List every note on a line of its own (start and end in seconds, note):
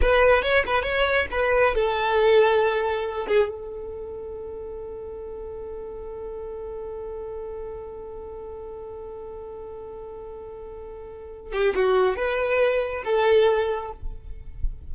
0.01 0.42 B4
0.42 0.64 C#5
0.66 0.83 B4
0.83 1.26 C#5
1.31 1.74 B4
1.74 3.26 A4
3.27 3.49 G#4
3.49 11.52 A4
11.52 11.74 G4
11.75 12.16 F#4
12.16 13.03 B4
13.04 13.91 A4